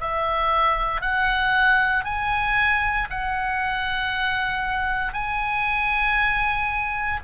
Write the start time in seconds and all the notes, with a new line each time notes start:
0.00 E5
1.01 F#5
2.05 G#5
3.10 F#5
5.13 G#5